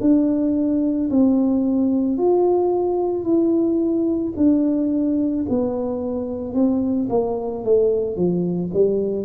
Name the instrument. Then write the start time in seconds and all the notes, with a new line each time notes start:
tuba
0.00 D4
1.10 C4
2.18 F4
3.23 E4
4.36 D4
5.48 B3
6.54 C4
7.09 A#3
7.64 A3
8.16 F3
8.73 G3